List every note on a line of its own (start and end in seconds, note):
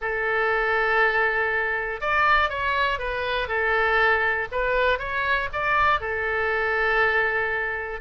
0.01 2.00 A4
2.00 2.49 D5
2.49 2.98 C#5
2.98 3.47 B4
3.47 4.47 A4
4.51 4.98 B4
4.98 5.48 C#5
5.52 6.00 D5
6.00 8.00 A4